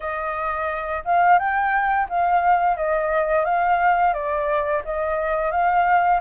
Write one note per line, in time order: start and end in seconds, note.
0.00 1.03 D#5
1.05 1.38 F5
1.38 2.07 G5
2.09 2.76 F5
2.76 3.45 D#5
3.45 4.13 F5
4.13 4.82 D5
4.84 5.51 D#5
5.51 6.20 F5